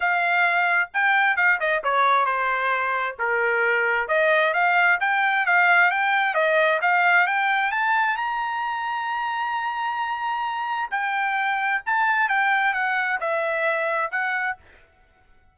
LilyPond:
\new Staff \with { instrumentName = "trumpet" } { \time 4/4 \tempo 4 = 132 f''2 g''4 f''8 dis''8 | cis''4 c''2 ais'4~ | ais'4 dis''4 f''4 g''4 | f''4 g''4 dis''4 f''4 |
g''4 a''4 ais''2~ | ais''1 | g''2 a''4 g''4 | fis''4 e''2 fis''4 | }